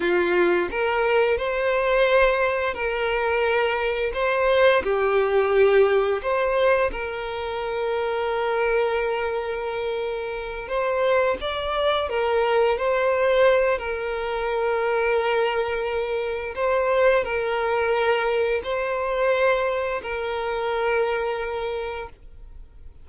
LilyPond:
\new Staff \with { instrumentName = "violin" } { \time 4/4 \tempo 4 = 87 f'4 ais'4 c''2 | ais'2 c''4 g'4~ | g'4 c''4 ais'2~ | ais'2.~ ais'8 c''8~ |
c''8 d''4 ais'4 c''4. | ais'1 | c''4 ais'2 c''4~ | c''4 ais'2. | }